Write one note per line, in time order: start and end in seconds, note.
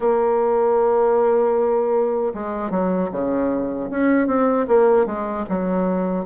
0.00 2.33 A#3
2.34 2.70 G#3
2.70 3.09 F#3
3.11 3.89 C#3
3.90 4.27 C#4
4.27 4.66 C4
4.67 5.06 A#3
5.06 5.45 G#3
5.49 6.25 F#3